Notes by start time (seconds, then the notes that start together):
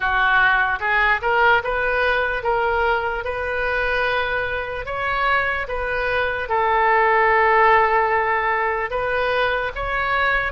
0.00 F#4
0.80 G#4
1.21 A#4
1.63 B4
2.43 A#4
3.24 B4
4.85 C#5
5.68 B4
6.48 A4
8.90 B4
9.75 C#5